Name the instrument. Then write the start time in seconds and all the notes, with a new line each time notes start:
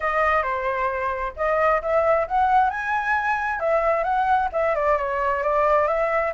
flute
0.00 D#5
0.42 C5
1.36 D#5
1.82 E5
2.27 F#5
2.70 G#5
3.59 E5
4.03 F#5
4.52 E5
4.75 D5
4.97 C#5
5.43 D5
5.87 E5